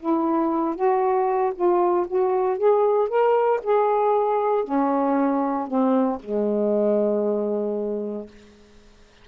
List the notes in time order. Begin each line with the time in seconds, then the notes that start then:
0.00 E4
0.76 F#4
1.55 F4
2.08 F#4
2.58 G#4
3.09 A#4
3.64 G#4
4.65 C#4
5.68 C4
6.20 G#3